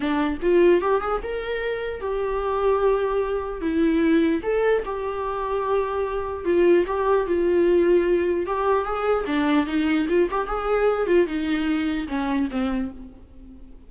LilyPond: \new Staff \with { instrumentName = "viola" } { \time 4/4 \tempo 4 = 149 d'4 f'4 g'8 gis'8 ais'4~ | ais'4 g'2.~ | g'4 e'2 a'4 | g'1 |
f'4 g'4 f'2~ | f'4 g'4 gis'4 d'4 | dis'4 f'8 g'8 gis'4. f'8 | dis'2 cis'4 c'4 | }